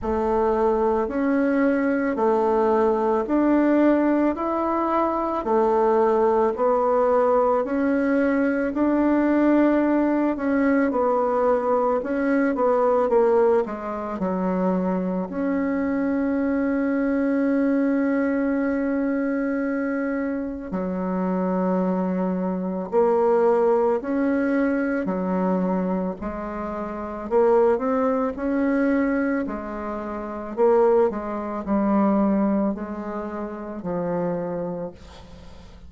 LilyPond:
\new Staff \with { instrumentName = "bassoon" } { \time 4/4 \tempo 4 = 55 a4 cis'4 a4 d'4 | e'4 a4 b4 cis'4 | d'4. cis'8 b4 cis'8 b8 | ais8 gis8 fis4 cis'2~ |
cis'2. fis4~ | fis4 ais4 cis'4 fis4 | gis4 ais8 c'8 cis'4 gis4 | ais8 gis8 g4 gis4 f4 | }